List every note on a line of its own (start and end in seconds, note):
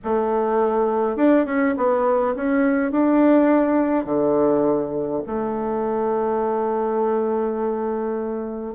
0.04 1.16 A3
1.16 1.45 D4
1.45 1.74 C#4
1.77 2.35 B3
2.35 2.91 C#4
2.91 4.05 D4
4.05 5.21 D3
5.26 8.74 A3